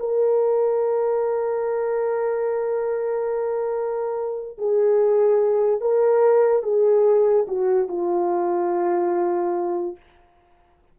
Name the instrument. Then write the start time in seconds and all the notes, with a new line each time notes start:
horn
0.00 A#4
4.58 G#4
5.81 A#4
6.63 G#4
7.48 F#4
7.88 F4